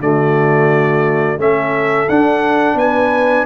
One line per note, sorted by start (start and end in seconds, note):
0.00 1.38 D3
0.00 1.39 A3
0.00 1.41 F#4
0.00 1.40 D5
1.38 2.07 A3
1.38 2.08 C#4
1.38 2.78 A4
1.38 2.09 E5
2.09 2.75 D4
2.09 3.46 D4
2.09 2.78 F#5
2.75 3.44 B3
2.75 3.46 B4
2.75 3.46 G#5